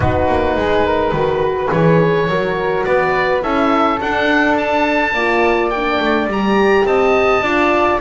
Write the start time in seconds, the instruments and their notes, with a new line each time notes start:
0.00 double bass B3, horn D#4, flute F#4, oboe B4
0.27 double bass A#3
0.56 double bass G#3, flute G#4
0.85 flute A#4
1.12 double bass D#3, horn F#4, flute B4
1.71 double bass E3, horn G#4, oboe C#5
2.27 double bass F#3, horn F#4, flute A#4
2.84 double bass B3, flute B4, oboe D5
3.41 double bass C#4, horn E4, flute A4, oboe E5
4.01 double bass D4, horn D4, oboe F#5
4.57 oboe A5
5.13 double bass A#3, horn F4, flute D5
5.69 horn D4, oboe G5
5.99 double bass A3
6.27 double bass G3, horn G4, oboe A#5
6.84 double bass C4, flute D#5, oboe A5
7.41 double bass D4, horn F4, flute D5